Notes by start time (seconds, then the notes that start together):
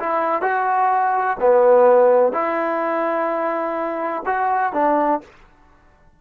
0.00 E4
0.42 F#4
1.40 B3
2.33 E4
4.26 F#4
4.73 D4